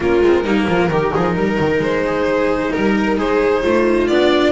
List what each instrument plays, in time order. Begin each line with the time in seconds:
0.00 double bass A#3, cello C#4, viola F4, violin A#4
0.21 double bass G#3, cello C4
0.43 double bass G3, cello A#3, viola D#4
0.67 double bass F3, viola F4
0.89 double bass D#3, cello D#4, viola G4
1.14 double bass F3, viola G#4
1.35 double bass G3, viola A#4
1.59 double bass D#3
1.78 double bass G#3, violin C5
2.06 viola G#4
2.71 double bass G3, violin A#4, viola A#4
3.17 double bass G#3, viola G#4, violin C5
3.63 double bass A3, viola F4
4.07 double bass B3, cello D4, violin D5